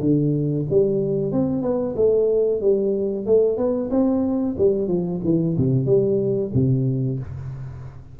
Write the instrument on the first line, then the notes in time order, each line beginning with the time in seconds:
tuba
0.00 D3
0.70 G3
1.32 C4
1.62 B3
1.96 A3
2.61 G3
3.26 A3
3.57 B3
3.90 C4
4.58 G3
4.88 F3
5.24 E3
5.57 C3
5.85 G3
6.54 C3